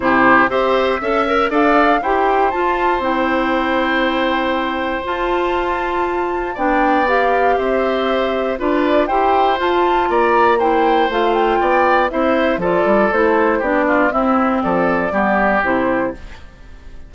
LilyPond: <<
  \new Staff \with { instrumentName = "flute" } { \time 4/4 \tempo 4 = 119 c''4 e''2 f''4 | g''4 a''4 g''2~ | g''2 a''2~ | a''4 g''4 f''4 e''4~ |
e''4 d''4 g''4 a''4 | ais''4 g''4 f''8 g''4. | e''4 d''4 c''4 d''4 | e''4 d''2 c''4 | }
  \new Staff \with { instrumentName = "oboe" } { \time 4/4 g'4 c''4 e''4 d''4 | c''1~ | c''1~ | c''4 d''2 c''4~ |
c''4 b'4 c''2 | d''4 c''2 d''4 | c''4 a'2 g'8 f'8 | e'4 a'4 g'2 | }
  \new Staff \with { instrumentName = "clarinet" } { \time 4/4 e'4 g'4 a'8 ais'8 a'4 | g'4 f'4 e'2~ | e'2 f'2~ | f'4 d'4 g'2~ |
g'4 f'4 g'4 f'4~ | f'4 e'4 f'2 | e'4 f'4 e'4 d'4 | c'2 b4 e'4 | }
  \new Staff \with { instrumentName = "bassoon" } { \time 4/4 c4 c'4 cis'4 d'4 | e'4 f'4 c'2~ | c'2 f'2~ | f'4 b2 c'4~ |
c'4 d'4 e'4 f'4 | ais2 a4 b4 | c'4 f8 g8 a4 b4 | c'4 f4 g4 c4 | }
>>